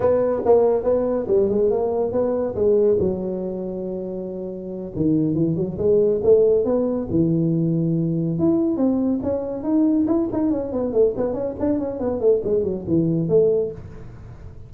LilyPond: \new Staff \with { instrumentName = "tuba" } { \time 4/4 \tempo 4 = 140 b4 ais4 b4 g8 gis8 | ais4 b4 gis4 fis4~ | fis2.~ fis8 dis8~ | dis8 e8 fis8 gis4 a4 b8~ |
b8 e2. e'8~ | e'8 c'4 cis'4 dis'4 e'8 | dis'8 cis'8 b8 a8 b8 cis'8 d'8 cis'8 | b8 a8 gis8 fis8 e4 a4 | }